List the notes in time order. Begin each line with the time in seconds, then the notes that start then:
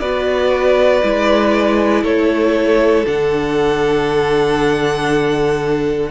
0.00 B3 F#4 B4 D5
1.03 G#3 E4
2.03 A3 A4 C#5
3.05 D3 D4 F#5